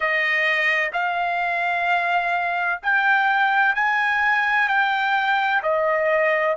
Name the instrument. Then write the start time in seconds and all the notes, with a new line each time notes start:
trumpet
0.00 D#5
0.92 F5
2.82 G5
3.75 G#5
4.68 G5
5.62 D#5